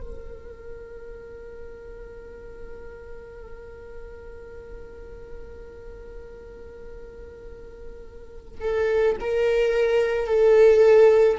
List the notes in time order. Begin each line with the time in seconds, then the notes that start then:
0.00 A#4
8.61 A4
9.20 A#4
10.27 A4